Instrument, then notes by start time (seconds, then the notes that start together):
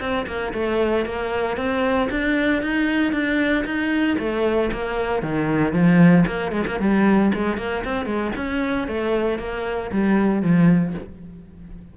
cello
0.00 C4
0.27 A#3
0.53 A3
1.06 A#3
1.57 C4
2.10 D4
2.62 D#4
3.12 D4
3.65 D#4
4.19 A3
4.72 A#3
5.22 D#3
5.73 F3
6.26 A#3
6.51 G#3
6.67 A#3
6.80 G3
7.34 G#3
7.57 A#3
7.85 C4
8.05 G#3
8.36 C#4
8.88 A3
9.39 A#3
9.92 G3
10.42 F3